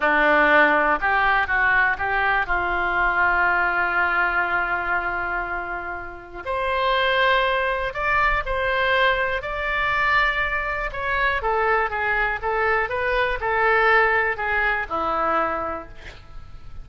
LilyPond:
\new Staff \with { instrumentName = "oboe" } { \time 4/4 \tempo 4 = 121 d'2 g'4 fis'4 | g'4 f'2.~ | f'1~ | f'4 c''2. |
d''4 c''2 d''4~ | d''2 cis''4 a'4 | gis'4 a'4 b'4 a'4~ | a'4 gis'4 e'2 | }